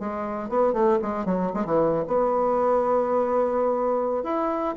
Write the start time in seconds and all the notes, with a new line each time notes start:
0.00 G#3
0.49 B3
0.73 A3
1.02 G#3
1.26 F#3
1.54 G#3
1.66 E3
2.08 B3
4.24 E4